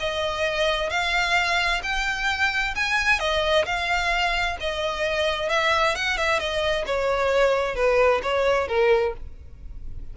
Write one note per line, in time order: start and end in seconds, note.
0.00 0.90 D#5
0.90 1.81 F5
1.83 2.74 G5
2.75 3.19 G#5
3.19 3.65 D#5
3.65 4.57 F5
4.60 5.50 D#5
5.50 5.95 E5
5.95 6.17 F#5
6.17 6.39 E5
6.39 6.85 D#5
6.86 7.75 C#5
7.75 8.21 B4
8.23 8.68 C#5
8.68 9.14 A#4